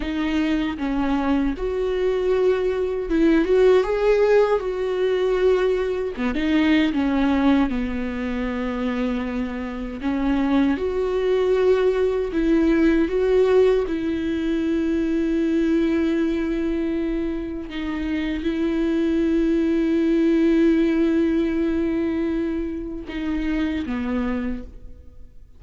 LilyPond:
\new Staff \with { instrumentName = "viola" } { \time 4/4 \tempo 4 = 78 dis'4 cis'4 fis'2 | e'8 fis'8 gis'4 fis'2 | b16 dis'8. cis'4 b2~ | b4 cis'4 fis'2 |
e'4 fis'4 e'2~ | e'2. dis'4 | e'1~ | e'2 dis'4 b4 | }